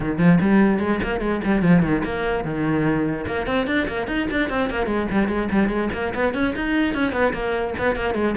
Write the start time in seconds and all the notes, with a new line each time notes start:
0.00 D#3
0.18 F3
0.40 G3
0.79 G#3
1.02 A#3
1.20 G#3
1.44 G3
1.62 F3
1.82 D#3
2.04 A#3
2.44 D#3
3.26 A#3
3.46 C4
3.66 D4
3.88 A#3
4.07 D#4
4.30 D4
4.49 C4
4.70 A#3
4.86 G#3
5.11 G3
5.28 G#3
5.51 G3
5.68 G#3
5.93 A#3
6.14 B3
6.33 C#4
6.55 D#4
6.94 C#4
7.12 B3
7.33 A#3
7.78 B3
7.95 A#3
8.14 G#3